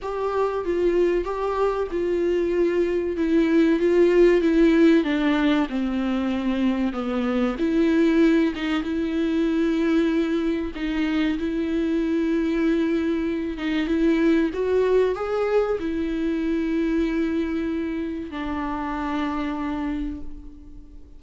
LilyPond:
\new Staff \with { instrumentName = "viola" } { \time 4/4 \tempo 4 = 95 g'4 f'4 g'4 f'4~ | f'4 e'4 f'4 e'4 | d'4 c'2 b4 | e'4. dis'8 e'2~ |
e'4 dis'4 e'2~ | e'4. dis'8 e'4 fis'4 | gis'4 e'2.~ | e'4 d'2. | }